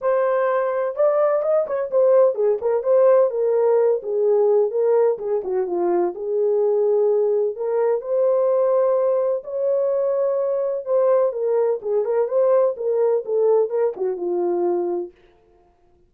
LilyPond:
\new Staff \with { instrumentName = "horn" } { \time 4/4 \tempo 4 = 127 c''2 d''4 dis''8 cis''8 | c''4 gis'8 ais'8 c''4 ais'4~ | ais'8 gis'4. ais'4 gis'8 fis'8 | f'4 gis'2. |
ais'4 c''2. | cis''2. c''4 | ais'4 gis'8 ais'8 c''4 ais'4 | a'4 ais'8 fis'8 f'2 | }